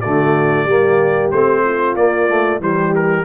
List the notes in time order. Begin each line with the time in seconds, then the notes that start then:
0.00 D3 A3 F#4 D5
0.65 G3 A#3 G4
1.31 A3 C4 C5
1.64 F4
1.95 A#3 D5
2.28 A3
2.60 E3 G3 G4 C5
2.95 A#4